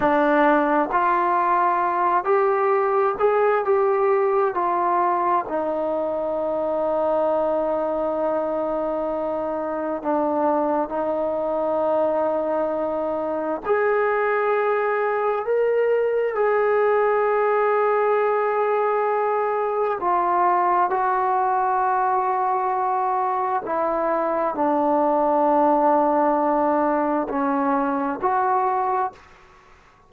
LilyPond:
\new Staff \with { instrumentName = "trombone" } { \time 4/4 \tempo 4 = 66 d'4 f'4. g'4 gis'8 | g'4 f'4 dis'2~ | dis'2. d'4 | dis'2. gis'4~ |
gis'4 ais'4 gis'2~ | gis'2 f'4 fis'4~ | fis'2 e'4 d'4~ | d'2 cis'4 fis'4 | }